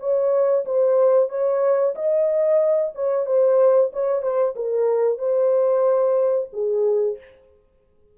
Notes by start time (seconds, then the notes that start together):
0.00 C#5
0.66 C5
1.30 C#5
1.95 D#5
2.95 C#5
3.26 C5
3.93 C#5
4.22 C5
4.56 A#4
5.19 C5
6.53 G#4